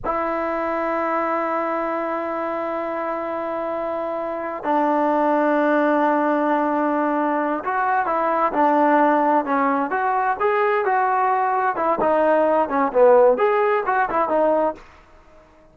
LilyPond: \new Staff \with { instrumentName = "trombone" } { \time 4/4 \tempo 4 = 130 e'1~ | e'1~ | e'2 d'2~ | d'1~ |
d'8 fis'4 e'4 d'4.~ | d'8 cis'4 fis'4 gis'4 fis'8~ | fis'4. e'8 dis'4. cis'8 | b4 gis'4 fis'8 e'8 dis'4 | }